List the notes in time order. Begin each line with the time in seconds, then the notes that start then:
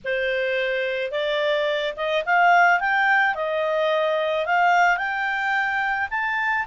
0.04 C5
1.11 D5
1.96 D#5
2.25 F5
2.80 G5
3.35 D#5
4.45 F5
4.97 G5
6.10 A5